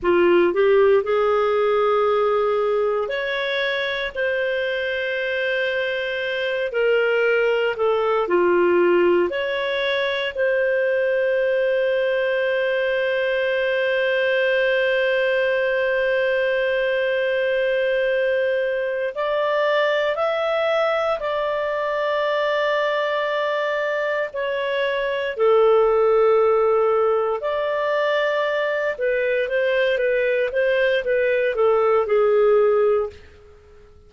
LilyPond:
\new Staff \with { instrumentName = "clarinet" } { \time 4/4 \tempo 4 = 58 f'8 g'8 gis'2 cis''4 | c''2~ c''8 ais'4 a'8 | f'4 cis''4 c''2~ | c''1~ |
c''2~ c''8 d''4 e''8~ | e''8 d''2. cis''8~ | cis''8 a'2 d''4. | b'8 c''8 b'8 c''8 b'8 a'8 gis'4 | }